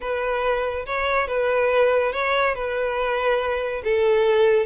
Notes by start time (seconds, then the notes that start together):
0.00 B4
0.86 C#5
1.27 B4
2.12 C#5
2.55 B4
3.84 A4